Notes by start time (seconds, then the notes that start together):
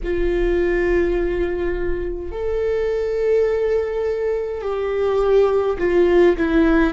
0.03 F4
2.31 A4
4.62 G4
5.78 F4
6.36 E4